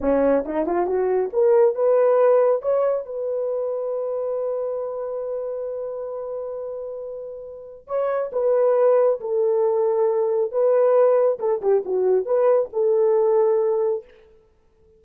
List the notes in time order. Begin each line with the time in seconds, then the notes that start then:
0.00 C#4
0.45 D#4
0.66 F4
0.86 F#4
1.33 A#4
1.75 B4
2.62 C#5
3.05 B4
7.87 C#5
8.32 B4
9.20 A4
10.51 B4
11.39 A4
11.61 G4
11.85 F#4
12.25 B4
12.72 A4